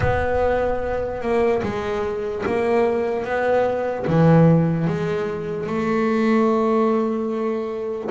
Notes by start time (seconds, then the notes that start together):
0.00 B3
1.21 A#3
1.63 G#3
2.45 A#3
3.24 B3
4.07 E3
4.87 G#3
5.66 A3